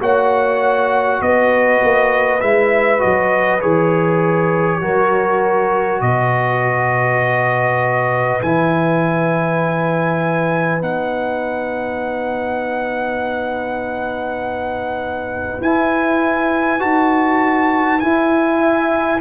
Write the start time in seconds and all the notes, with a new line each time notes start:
0.00 A#3 F#4 C#5 F#5
1.21 B3 B4 D#5
1.83 A#3
2.41 G#3 E4 E5
2.99 F#3 F#4 D#5
3.61 E3 G#4 C#5
4.81 F#3 F#4 A#4
6.01 B2 B4 D#5
8.42 E3 E4 G#5
10.80 B3 D#4 F#5
15.60 E4 G#5
16.79 D#4 F#4 A5
18.00 E4 G#5
18.59 E5